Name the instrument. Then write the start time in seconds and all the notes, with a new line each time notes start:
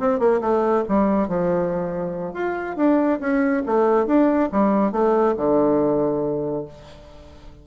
bassoon
0.00 C4
0.19 A#3
0.41 A3
0.88 G3
1.28 F3
2.34 F4
2.77 D4
3.20 C#4
3.66 A3
4.07 D4
4.52 G3
4.92 A3
5.37 D3